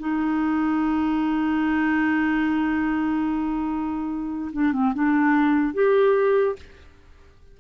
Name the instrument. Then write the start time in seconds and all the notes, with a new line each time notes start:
clarinet
0.00 D#4
4.53 D4
4.73 C4
4.95 D4
5.74 G4